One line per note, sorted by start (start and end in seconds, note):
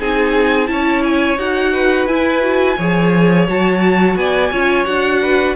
0.00 0.70 C4
0.00 0.67 D#4
0.00 0.70 G#4
0.00 0.68 G#5
0.67 1.38 C#4
0.67 1.37 E4
0.67 1.73 C#5
0.67 1.03 A5
1.04 1.39 G#5
1.38 2.07 D#4
1.38 2.08 F#4
1.38 2.08 F#5
1.73 2.78 B4
2.07 2.77 E4
2.07 2.42 E4
2.07 3.47 G#5
2.42 2.77 F#4
2.78 3.49 F3
2.78 3.48 G#4
2.78 4.17 C#5
3.48 4.17 F#3
3.48 4.52 F#4
3.48 4.17 A5
4.17 4.52 B3
4.17 4.51 D5
4.17 4.86 G#5
4.51 4.87 C#4
4.51 4.86 F4
4.51 5.21 C#5
4.86 5.57 D4
4.86 5.56 F#4
4.86 5.56 F#5
5.22 5.57 B4